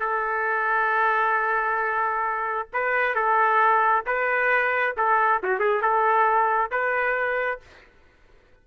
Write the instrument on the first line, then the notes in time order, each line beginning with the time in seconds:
trumpet
0.00 A4
2.74 B4
3.15 A4
4.06 B4
4.97 A4
5.43 F#4
5.60 G#4
5.82 A4
6.71 B4